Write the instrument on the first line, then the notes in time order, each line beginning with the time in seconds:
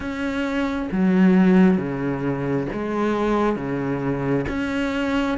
cello
0.00 C#4
0.91 F#3
1.77 C#3
2.72 G#3
3.56 C#3
4.48 C#4